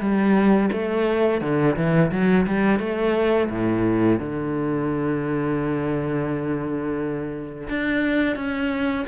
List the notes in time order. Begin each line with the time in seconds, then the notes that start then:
0.00 G3
0.72 A3
1.41 D3
1.76 E3
2.11 F#3
2.46 G3
2.79 A3
3.50 A2
4.19 D3
7.69 D4
8.36 C#4